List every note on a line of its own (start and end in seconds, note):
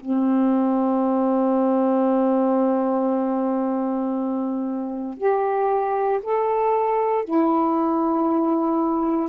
0.00 5.17 C4
5.17 6.21 G4
6.23 7.25 A4
7.25 9.29 E4